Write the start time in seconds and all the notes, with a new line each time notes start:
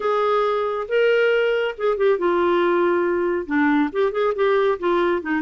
0.00 G#4
0.88 A#4
1.77 G#4
1.97 G4
2.18 F4
3.46 D4
3.92 G4
4.11 G#4
4.35 G4
4.79 F4
5.22 D#4